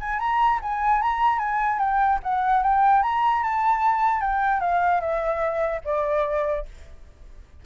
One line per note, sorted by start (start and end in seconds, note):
0.00 0.19 G#5
0.19 0.59 A#5
0.62 1.01 G#5
1.01 1.38 A#5
1.38 1.79 G#5
1.79 2.19 G5
2.23 2.63 F#5
2.63 3.02 G5
3.02 3.43 A#5
3.43 4.21 A5
4.21 4.60 G5
4.60 5.00 F5
5.00 5.81 E5
5.84 6.65 D5